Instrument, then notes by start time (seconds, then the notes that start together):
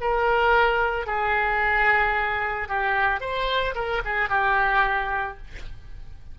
oboe
0.00 A#4
1.06 G#4
2.68 G4
3.20 C5
3.74 A#4
4.04 G#4
4.29 G4